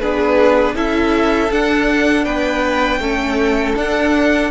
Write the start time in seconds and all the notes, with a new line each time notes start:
0.00 B3 D4 G#4 B4
0.75 C#4 E4 A4 E5
1.51 D4 F#5
2.25 B3 B4 G5
2.99 A3 C#4 A4
3.76 D4 F#5